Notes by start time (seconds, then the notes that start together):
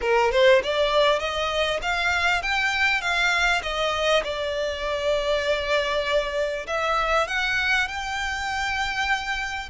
0.01 A#4
0.31 C5
0.63 D5
1.19 D#5
1.82 F5
2.42 G5
3.01 F5
3.62 D#5
4.24 D5
6.66 E5
7.27 F#5
7.88 G5